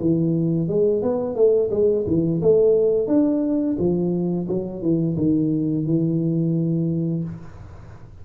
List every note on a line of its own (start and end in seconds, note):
0.00 0.68 E3
0.68 1.02 G#3
1.02 1.35 B3
1.35 1.70 A3
1.71 2.05 G#3
2.07 2.41 E3
2.42 3.08 A3
3.08 3.76 D4
3.79 4.48 F3
4.48 4.82 F#3
4.82 5.16 E3
5.17 5.86 D#3
5.86 7.24 E3